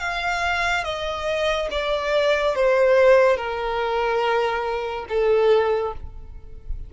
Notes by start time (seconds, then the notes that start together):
0.00 F5
0.84 D#5
1.71 D5
2.55 C5
3.37 A#4
5.09 A4